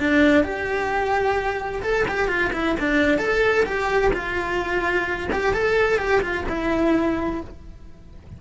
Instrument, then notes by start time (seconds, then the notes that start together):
cello
0.00 D4
0.44 G4
1.83 A4
2.08 G4
2.28 F4
2.53 E4
2.80 D4
3.18 A4
3.65 G4
4.14 F4
5.32 G4
5.54 A4
5.98 G4
6.22 F4
6.49 E4